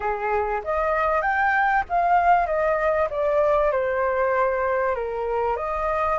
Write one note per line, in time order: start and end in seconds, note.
0.00 0.61 G#4
0.64 1.21 D#5
1.21 1.83 G5
1.89 2.46 F5
2.46 3.08 D#5
3.10 3.71 D5
3.71 4.95 C5
4.95 5.56 A#4
5.56 6.18 D#5